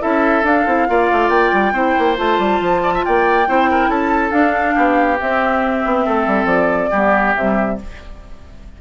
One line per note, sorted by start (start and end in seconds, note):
0.00 0.43 C#4
0.00 0.43 E4
0.00 0.88 A4
0.00 0.45 E5
0.43 0.65 D4
0.43 0.67 D4
0.43 1.29 F5
0.67 0.88 C4
0.67 0.88 E4
0.88 1.11 A#3
0.88 1.74 F4
0.88 1.74 D5
1.12 1.29 A3
1.29 1.51 A#3
1.29 2.16 G5
1.53 1.73 G3
1.73 1.95 C4
1.73 2.16 E4
1.73 2.82 C5
1.99 2.19 A#3
2.16 2.39 A3
2.16 3.46 F4
2.16 3.05 A5
2.39 2.61 G3
2.61 3.04 F3
2.83 2.94 D5
2.94 3.05 E5
3.05 3.48 A#3
3.05 3.49 D5
3.05 3.90 G5
3.48 3.88 C4
3.48 4.31 E4
3.48 3.70 C5
3.70 3.90 A#4
3.88 4.31 C#4
3.88 4.75 A4
3.88 4.32 A5
4.31 5.17 D4
4.31 4.75 D4
4.31 5.18 F5
4.75 5.20 B3
4.75 6.04 G4
5.21 6.93 C4
5.21 5.85 C4
5.21 6.47 E5
5.85 6.07 B3
6.06 6.27 A3
6.06 6.91 A4
6.27 6.45 G3
6.45 6.88 F3
6.45 7.33 D5
6.91 7.36 G3
6.91 7.37 B3
6.91 7.77 G4
7.36 7.80 C3
7.36 7.81 G3
7.36 7.79 E5